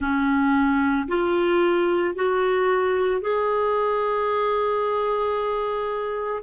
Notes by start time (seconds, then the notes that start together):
0.00 C#4
1.08 F4
2.15 F#4
3.21 G#4